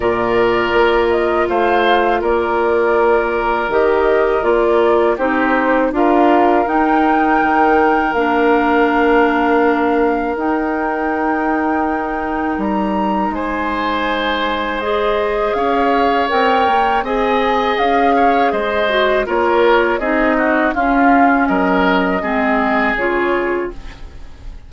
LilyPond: <<
  \new Staff \with { instrumentName = "flute" } { \time 4/4 \tempo 4 = 81 d''4. dis''8 f''4 d''4~ | d''4 dis''4 d''4 c''4 | f''4 g''2 f''4~ | f''2 g''2~ |
g''4 ais''4 gis''2 | dis''4 f''4 g''4 gis''4 | f''4 dis''4 cis''4 dis''4 | f''4 dis''2 cis''4 | }
  \new Staff \with { instrumentName = "oboe" } { \time 4/4 ais'2 c''4 ais'4~ | ais'2. g'4 | ais'1~ | ais'1~ |
ais'2 c''2~ | c''4 cis''2 dis''4~ | dis''8 cis''8 c''4 ais'4 gis'8 fis'8 | f'4 ais'4 gis'2 | }
  \new Staff \with { instrumentName = "clarinet" } { \time 4/4 f'1~ | f'4 g'4 f'4 dis'4 | f'4 dis'2 d'4~ | d'2 dis'2~ |
dis'1 | gis'2 ais'4 gis'4~ | gis'4. fis'8 f'4 dis'4 | cis'2 c'4 f'4 | }
  \new Staff \with { instrumentName = "bassoon" } { \time 4/4 ais,4 ais4 a4 ais4~ | ais4 dis4 ais4 c'4 | d'4 dis'4 dis4 ais4~ | ais2 dis'2~ |
dis'4 g4 gis2~ | gis4 cis'4 c'8 ais8 c'4 | cis'4 gis4 ais4 c'4 | cis'4 fis4 gis4 cis4 | }
>>